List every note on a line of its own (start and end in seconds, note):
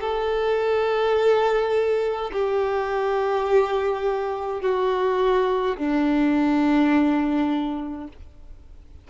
0.00 2.31 A4
2.33 4.62 G4
4.62 5.77 F#4
5.77 8.08 D4